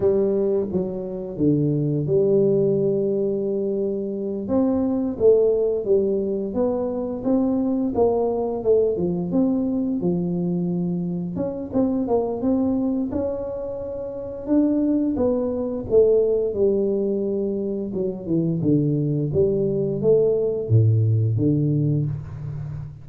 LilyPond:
\new Staff \with { instrumentName = "tuba" } { \time 4/4 \tempo 4 = 87 g4 fis4 d4 g4~ | g2~ g8 c'4 a8~ | a8 g4 b4 c'4 ais8~ | ais8 a8 f8 c'4 f4.~ |
f8 cis'8 c'8 ais8 c'4 cis'4~ | cis'4 d'4 b4 a4 | g2 fis8 e8 d4 | g4 a4 a,4 d4 | }